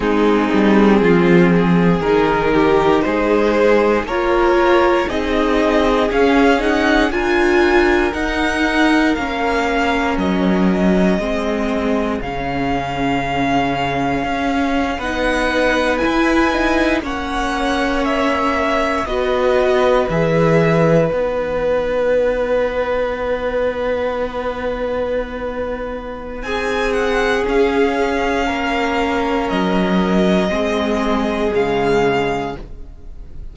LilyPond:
<<
  \new Staff \with { instrumentName = "violin" } { \time 4/4 \tempo 4 = 59 gis'2 ais'4 c''4 | cis''4 dis''4 f''8 fis''8 gis''4 | fis''4 f''4 dis''2 | f''2~ f''8. fis''4 gis''16~ |
gis''8. fis''4 e''4 dis''4 e''16~ | e''8. fis''2.~ fis''16~ | fis''2 gis''8 fis''8 f''4~ | f''4 dis''2 f''4 | }
  \new Staff \with { instrumentName = "violin" } { \time 4/4 dis'4 f'8 gis'4 g'8 gis'4 | ais'4 gis'2 ais'4~ | ais'2. gis'4~ | gis'2~ gis'8. b'4~ b'16~ |
b'8. cis''2 b'4~ b'16~ | b'1~ | b'2 gis'2 | ais'2 gis'2 | }
  \new Staff \with { instrumentName = "viola" } { \time 4/4 c'2 dis'2 | f'4 dis'4 cis'8 dis'8 f'4 | dis'4 cis'2 c'4 | cis'2~ cis'8. dis'4 e'16~ |
e'16 dis'8 cis'2 fis'4 gis'16~ | gis'8. dis'2.~ dis'16~ | dis'2. cis'4~ | cis'2 c'4 gis4 | }
  \new Staff \with { instrumentName = "cello" } { \time 4/4 gis8 g8 f4 dis4 gis4 | ais4 c'4 cis'4 d'4 | dis'4 ais4 fis4 gis4 | cis2 cis'8. b4 e'16~ |
e'8. ais2 b4 e16~ | e8. b2.~ b16~ | b2 c'4 cis'4 | ais4 fis4 gis4 cis4 | }
>>